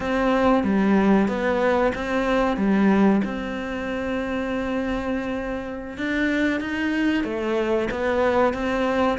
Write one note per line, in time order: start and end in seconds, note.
0.00 0.63 C4
0.63 1.27 G3
1.27 1.92 B3
1.94 2.57 C4
2.57 3.21 G3
3.24 5.97 C4
5.97 6.60 D4
6.60 7.24 D#4
7.24 7.88 A3
7.91 8.53 B3
8.53 9.18 C4